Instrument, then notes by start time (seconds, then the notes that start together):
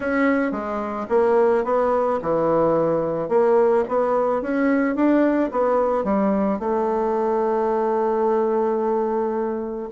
bassoon
0.00 C#4
0.51 G#3
1.09 A#3
1.64 B3
2.22 E3
3.29 A#3
3.88 B3
4.42 C#4
4.95 D4
5.51 B3
6.04 G3
6.59 A3